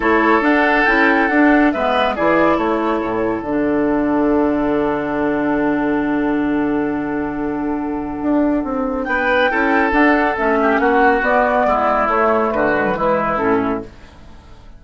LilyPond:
<<
  \new Staff \with { instrumentName = "flute" } { \time 4/4 \tempo 4 = 139 cis''4 fis''4 g''4 fis''4 | e''4 d''4 cis''2 | fis''1~ | fis''1~ |
fis''1~ | fis''4 g''2 fis''4 | e''4 fis''4 d''2 | cis''4 b'2 a'4 | }
  \new Staff \with { instrumentName = "oboe" } { \time 4/4 a'1 | b'4 gis'4 a'2~ | a'1~ | a'1~ |
a'1~ | a'4 b'4 a'2~ | a'8 g'8 fis'2 e'4~ | e'4 fis'4 e'2 | }
  \new Staff \with { instrumentName = "clarinet" } { \time 4/4 e'4 d'4 e'4 d'4 | b4 e'2. | d'1~ | d'1~ |
d'1~ | d'2 e'4 d'4 | cis'2 b2 | a4. gis16 fis16 gis4 cis'4 | }
  \new Staff \with { instrumentName = "bassoon" } { \time 4/4 a4 d'4 cis'4 d'4 | gis4 e4 a4 a,4 | d1~ | d1~ |
d2. d'4 | c'4 b4 cis'4 d'4 | a4 ais4 b4 gis4 | a4 d4 e4 a,4 | }
>>